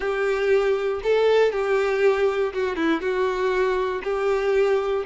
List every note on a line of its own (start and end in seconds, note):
0.00 1.01 G4
1.03 1.52 A4
1.52 2.53 G4
2.53 2.76 F#4
2.76 3.01 E4
3.01 4.02 F#4
4.03 5.04 G4